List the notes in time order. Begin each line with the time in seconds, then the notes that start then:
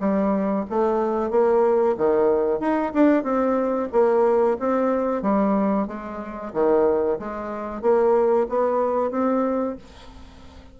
0.00 G3
0.70 A3
1.31 A#3
1.97 D#3
2.60 D#4
2.94 D4
3.23 C4
3.92 A#3
4.59 C4
5.22 G3
5.88 G#3
6.53 D#3
7.19 G#3
7.82 A#3
8.49 B3
9.11 C4